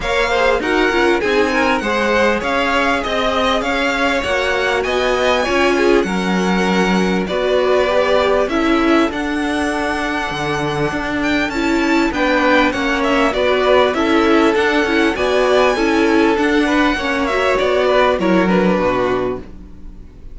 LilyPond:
<<
  \new Staff \with { instrumentName = "violin" } { \time 4/4 \tempo 4 = 99 f''4 fis''4 gis''4 fis''4 | f''4 dis''4 f''4 fis''4 | gis''2 fis''2 | d''2 e''4 fis''4~ |
fis''2~ fis''8 g''8 a''4 | g''4 fis''8 e''8 d''4 e''4 | fis''4 gis''2 fis''4~ | fis''8 e''8 d''4 cis''8 b'4. | }
  \new Staff \with { instrumentName = "violin" } { \time 4/4 cis''8 c''8 ais'4 gis'8 ais'8 c''4 | cis''4 dis''4 cis''2 | dis''4 cis''8 gis'8 ais'2 | b'2 a'2~ |
a'1 | b'4 cis''4 b'4 a'4~ | a'4 d''4 a'4. b'8 | cis''4. b'8 ais'4 fis'4 | }
  \new Staff \with { instrumentName = "viola" } { \time 4/4 ais'8 gis'8 fis'8 f'8 dis'4 gis'4~ | gis'2. fis'4~ | fis'4 f'4 cis'2 | fis'4 g'4 e'4 d'4~ |
d'2. e'4 | d'4 cis'4 fis'4 e'4 | d'8 e'8 fis'4 e'4 d'4 | cis'8 fis'4. e'8 d'4. | }
  \new Staff \with { instrumentName = "cello" } { \time 4/4 ais4 dis'8 cis'8 c'4 gis4 | cis'4 c'4 cis'4 ais4 | b4 cis'4 fis2 | b2 cis'4 d'4~ |
d'4 d4 d'4 cis'4 | b4 ais4 b4 cis'4 | d'8 cis'8 b4 cis'4 d'4 | ais4 b4 fis4 b,4 | }
>>